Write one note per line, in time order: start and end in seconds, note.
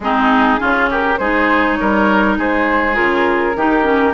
0.00 0.57 G#3
0.00 0.59 C4
0.00 0.59 D#4
0.00 0.90 G#4
0.59 1.19 C#3
0.59 1.18 C#4
0.59 0.89 F4
0.90 1.19 G4
0.90 1.17 A#4
1.17 1.78 G#3
1.17 2.93 D#4
1.17 1.78 G#4
1.17 1.75 C5
1.75 2.38 G3
1.75 2.38 A#4
1.75 2.34 C#5
2.38 2.97 G#3
2.38 3.56 G#4
2.38 2.95 C5
2.93 3.55 C#3
2.93 3.53 F4
2.93 4.13 A#4
3.55 4.13 D#3
3.55 3.83 D#4
3.55 4.13 G4
3.83 4.13 C#4